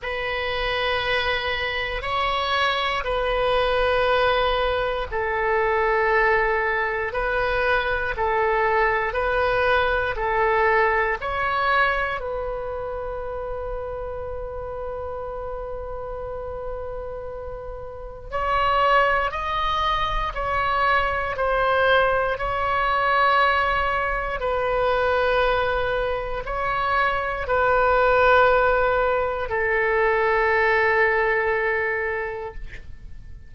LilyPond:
\new Staff \with { instrumentName = "oboe" } { \time 4/4 \tempo 4 = 59 b'2 cis''4 b'4~ | b'4 a'2 b'4 | a'4 b'4 a'4 cis''4 | b'1~ |
b'2 cis''4 dis''4 | cis''4 c''4 cis''2 | b'2 cis''4 b'4~ | b'4 a'2. | }